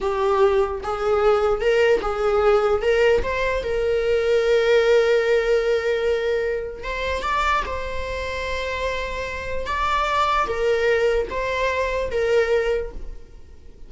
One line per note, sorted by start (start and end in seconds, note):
0.00 0.81 G4
0.83 1.60 G#4
1.60 2.01 A#4
2.01 2.82 G#4
2.82 3.22 A#4
3.23 3.63 C5
3.63 6.83 A#4
6.83 7.22 C5
7.22 7.62 D5
7.66 9.66 C5
9.66 10.46 D5
10.47 11.27 A#4
11.30 12.10 C5
12.11 12.91 A#4